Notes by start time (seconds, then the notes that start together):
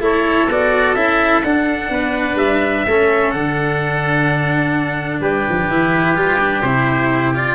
0.00 A3 E4 A4 C#5
0.49 B3 F#4 D5
0.95 C#4 E4 E5
1.43 D4 F#5
1.90 B3 B4
2.35 G3 E5
2.87 A3 C#4 A4
3.31 D3 D4 F#5
5.20 G3 G4 B4
5.49 F3
5.69 E3 E4
6.16 G3 F4
6.39 D4
6.62 C3 E4 C5
7.35 F4 D5